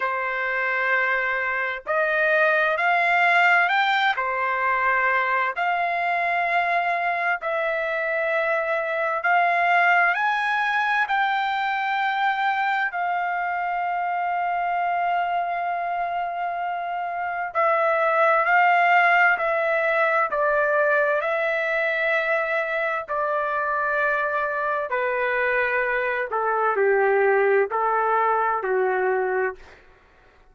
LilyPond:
\new Staff \with { instrumentName = "trumpet" } { \time 4/4 \tempo 4 = 65 c''2 dis''4 f''4 | g''8 c''4. f''2 | e''2 f''4 gis''4 | g''2 f''2~ |
f''2. e''4 | f''4 e''4 d''4 e''4~ | e''4 d''2 b'4~ | b'8 a'8 g'4 a'4 fis'4 | }